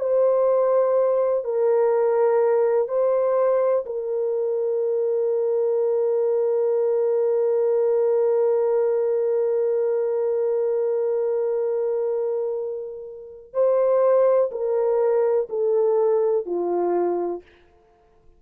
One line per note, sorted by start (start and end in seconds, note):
0.00 1.44 C5
1.44 2.89 A#4
2.89 3.85 C5
3.86 13.54 A#4
13.54 14.50 C5
14.52 15.48 A#4
15.50 16.46 A4
16.46 17.43 F4